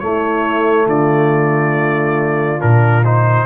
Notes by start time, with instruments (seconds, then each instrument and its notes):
0.00 trombone A3, tuba A3, horn E4, trumpet C#5
0.86 tuba D3, horn F4, trumpet D5
2.59 tuba A#2, trombone D4, trumpet A#4
3.05 trombone D#4, trumpet C5